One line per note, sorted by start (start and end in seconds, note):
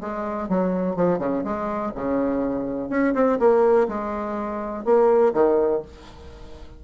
0.00 0.48 G#3
0.49 0.96 F#3
0.96 1.19 F3
1.19 1.43 C#3
1.44 1.92 G#3
1.95 2.89 C#3
2.89 3.14 C#4
3.15 3.39 C4
3.39 3.87 A#3
3.88 4.85 G#3
4.85 5.33 A#3
5.33 5.82 D#3